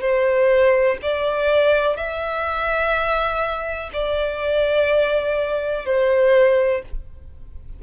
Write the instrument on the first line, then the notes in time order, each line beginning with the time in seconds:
violin
0.00 C5
1.02 D5
1.96 E5
3.93 D5
5.85 C5